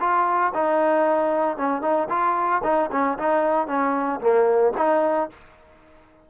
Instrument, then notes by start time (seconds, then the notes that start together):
trombone
0.00 F4
0.54 D#4
1.57 C#4
1.82 D#4
2.09 F4
2.64 D#4
2.92 C#4
3.18 D#4
3.67 C#4
4.20 A#3
4.77 D#4